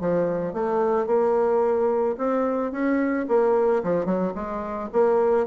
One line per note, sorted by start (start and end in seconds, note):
0.00 0.53 F3
0.53 1.07 A3
1.07 2.16 A#3
2.18 2.72 C4
2.72 3.26 C#4
3.28 3.83 A#3
3.83 4.05 F3
4.05 4.33 F#3
4.35 4.89 G#3
4.92 5.47 A#3